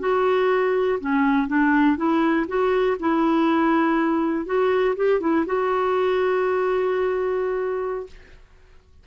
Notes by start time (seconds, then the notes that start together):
0.00 F#4
1.00 C#4
1.48 D4
1.97 E4
2.48 F#4
3.00 E4
4.46 F#4
4.97 G4
5.21 E4
5.47 F#4